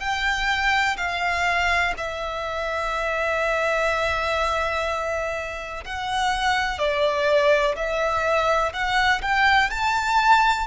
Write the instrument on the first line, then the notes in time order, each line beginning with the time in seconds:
violin
0.00 G5
0.97 F5
1.98 E5
5.85 F#5
6.79 D5
7.76 E5
8.73 F#5
9.22 G5
9.70 A5